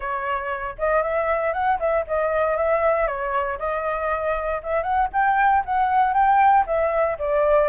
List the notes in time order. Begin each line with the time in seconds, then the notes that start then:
0.00 C#5
0.78 D#5
1.02 E5
1.53 F#5
1.79 E5
2.07 D#5
2.56 E5
3.07 C#5
3.59 D#5
4.63 E5
4.82 F#5
5.12 G5
5.65 F#5
6.13 G5
6.66 E5
7.18 D5